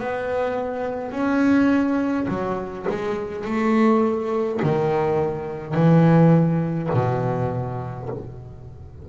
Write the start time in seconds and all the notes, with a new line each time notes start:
0.00 B3
1.12 C#4
2.29 F#3
2.90 G#3
3.45 A3
4.63 D#3
5.75 E3
6.94 B2